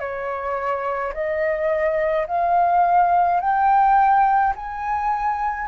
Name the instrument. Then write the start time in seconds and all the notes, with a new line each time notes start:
flute
0.00 C#5
1.14 D#5
2.28 F5
3.41 G5
4.56 G#5